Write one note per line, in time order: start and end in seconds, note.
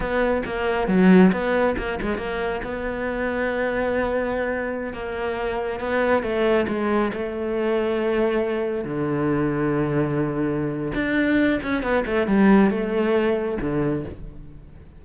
0.00 0.42 B3
0.45 0.87 A#3
0.87 1.31 F#3
1.32 1.76 B3
1.77 1.99 A#3
2.01 2.17 G#3
2.17 2.61 A#3
2.63 4.93 B3
4.93 5.79 A#3
5.79 6.22 B3
6.22 6.66 A3
6.68 7.11 G#3
7.13 8.84 A3
8.84 10.92 D3
10.94 11.60 D4
11.63 11.82 C#4
11.82 12.04 B3
12.06 12.27 A3
12.27 12.70 G3
12.70 13.58 A3
13.60 14.04 D3